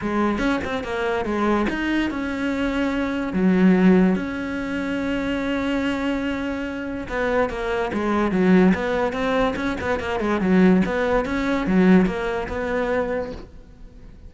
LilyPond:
\new Staff \with { instrumentName = "cello" } { \time 4/4 \tempo 4 = 144 gis4 cis'8 c'8 ais4 gis4 | dis'4 cis'2. | fis2 cis'2~ | cis'1~ |
cis'4 b4 ais4 gis4 | fis4 b4 c'4 cis'8 b8 | ais8 gis8 fis4 b4 cis'4 | fis4 ais4 b2 | }